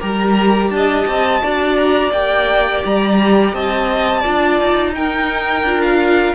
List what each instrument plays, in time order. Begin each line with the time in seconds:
0.00 cello G3, viola G4, violin A#4 A#5
0.71 cello D4, violin D#5 A5
1.08 cello C4
1.41 cello D4, viola F#4, violin D5
1.77 violin A#5
2.12 cello A#3, viola G4, violin G5
2.86 cello G3, violin A#5
3.54 cello C4, violin D#5 A5
4.21 cello D4, viola F4, violin D5
4.61 cello D#4
4.95 viola D#4, violin A#4 G5
5.63 cello D4, viola F4
5.82 violin F5